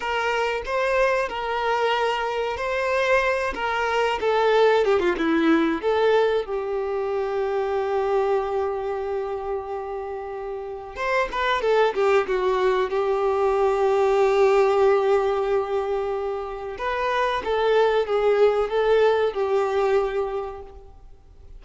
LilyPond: \new Staff \with { instrumentName = "violin" } { \time 4/4 \tempo 4 = 93 ais'4 c''4 ais'2 | c''4. ais'4 a'4 g'16 f'16 | e'4 a'4 g'2~ | g'1~ |
g'4 c''8 b'8 a'8 g'8 fis'4 | g'1~ | g'2 b'4 a'4 | gis'4 a'4 g'2 | }